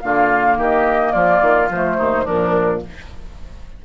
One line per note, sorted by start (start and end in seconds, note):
0.00 0.57 D3
0.00 1.71 A#3
0.00 0.58 F4
0.00 0.56 F5
0.57 1.13 D#3
0.57 1.12 G4
0.57 1.12 D#5
1.12 1.41 F3
1.12 1.96 F4
1.12 1.68 D5
1.41 1.69 D#3
1.69 1.97 F3
1.69 2.24 A3
1.69 2.26 C5
1.98 2.26 D#2
1.98 2.24 D#4
2.24 2.84 A#2
2.24 2.80 F3
2.24 2.80 D4
2.24 2.82 A#4